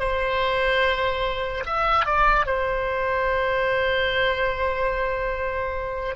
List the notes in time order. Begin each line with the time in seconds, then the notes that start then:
0.00 C5
1.66 E5
2.06 D5
2.46 C5